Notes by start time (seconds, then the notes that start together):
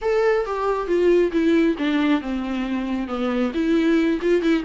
0.01 A4
0.45 G4
0.87 F4
1.32 E4
1.78 D4
2.21 C4
3.07 B3
3.54 E4
4.21 F4
4.41 E4